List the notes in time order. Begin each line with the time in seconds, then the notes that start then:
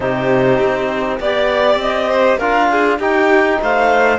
0.00 C3 D#4 G4 C5
0.58 C4
1.20 B3 G4 D5
1.75 C4 D#5
2.08 C5
2.37 D4 F4 A#4 F5
2.71 G#4
2.98 D#4 G4 G5
3.61 A3 C5 F5